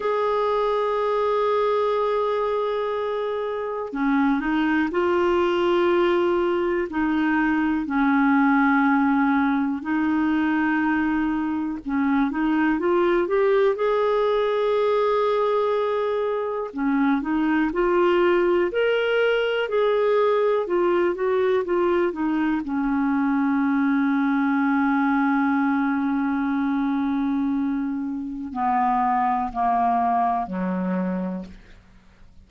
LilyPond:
\new Staff \with { instrumentName = "clarinet" } { \time 4/4 \tempo 4 = 61 gis'1 | cis'8 dis'8 f'2 dis'4 | cis'2 dis'2 | cis'8 dis'8 f'8 g'8 gis'2~ |
gis'4 cis'8 dis'8 f'4 ais'4 | gis'4 f'8 fis'8 f'8 dis'8 cis'4~ | cis'1~ | cis'4 b4 ais4 fis4 | }